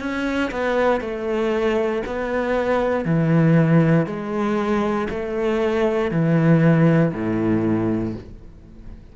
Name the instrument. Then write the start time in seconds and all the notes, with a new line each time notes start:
cello
0.00 C#4
0.51 B3
1.01 A3
2.06 B3
3.06 E3
4.07 G#3
5.10 A3
6.12 E3
7.14 A2